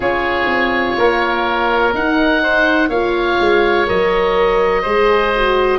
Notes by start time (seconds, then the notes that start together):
0.00 C#4 F4 G#4 C#5
0.45 C4
0.97 A#3 A#4
1.93 D#4 F#5
2.42 C5
2.89 A#3 F4 C#5 F5
3.40 G#3
3.86 F#3 A#4 D#5
4.82 G#3 G#4 C5
5.35 F#4